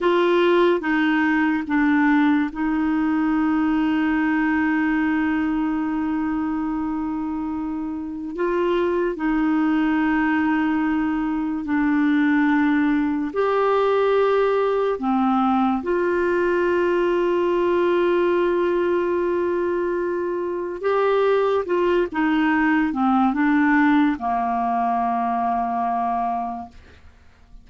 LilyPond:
\new Staff \with { instrumentName = "clarinet" } { \time 4/4 \tempo 4 = 72 f'4 dis'4 d'4 dis'4~ | dis'1~ | dis'2 f'4 dis'4~ | dis'2 d'2 |
g'2 c'4 f'4~ | f'1~ | f'4 g'4 f'8 dis'4 c'8 | d'4 ais2. | }